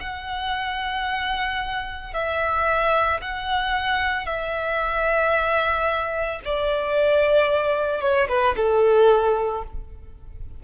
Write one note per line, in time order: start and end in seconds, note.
0.00 2.14 F#5
2.14 3.21 E5
3.21 4.27 F#5
4.27 6.41 E5
6.45 8.01 D5
8.01 8.28 C#5
8.29 8.56 B4
8.57 9.64 A4